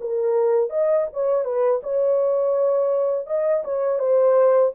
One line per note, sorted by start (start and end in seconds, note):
0.00 0.70 A#4
0.70 1.06 D#5
1.12 1.44 C#5
1.44 1.81 B4
1.83 3.26 C#5
3.26 3.63 D#5
3.64 3.98 C#5
3.98 4.72 C5